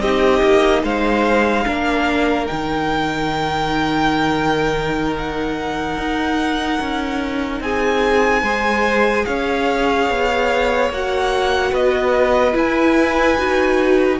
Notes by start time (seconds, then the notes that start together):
0.00 C4 D#4 G4 D#5
0.42 A#3
0.82 G#3 C5 F5
1.66 A#3 D4 A#4
2.46 D#3 D#4 G5
5.18 F#5
5.97 D#4
6.80 C#4
7.60 C4 G#4 G#5
8.42 G#3 G#4 C5
9.25 C#4 C#5 F5
10.09 B3
10.89 A#3 F#4 F#5
11.71 B3 B4 D#5
12.52 E4 G#5
13.38 D#4 F#4